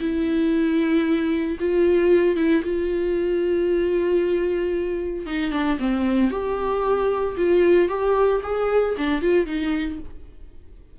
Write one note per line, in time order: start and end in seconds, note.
0.00 1.58 E4
1.60 2.36 F4
2.36 2.63 E4
2.64 5.27 F4
5.27 5.52 D#4
5.52 5.78 D4
5.79 6.31 C4
6.31 7.36 G4
7.37 7.89 F4
7.89 8.41 G4
8.43 8.96 G#4
8.98 9.22 D4
9.22 9.46 F4
9.46 9.99 D#4